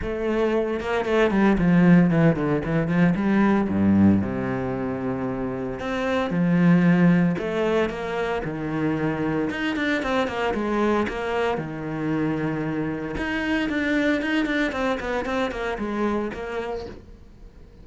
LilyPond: \new Staff \with { instrumentName = "cello" } { \time 4/4 \tempo 4 = 114 a4. ais8 a8 g8 f4 | e8 d8 e8 f8 g4 g,4 | c2. c'4 | f2 a4 ais4 |
dis2 dis'8 d'8 c'8 ais8 | gis4 ais4 dis2~ | dis4 dis'4 d'4 dis'8 d'8 | c'8 b8 c'8 ais8 gis4 ais4 | }